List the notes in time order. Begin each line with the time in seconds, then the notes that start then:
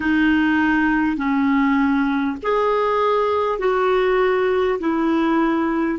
0.00 D#4
1.17 C#4
2.42 G#4
3.58 F#4
4.79 E4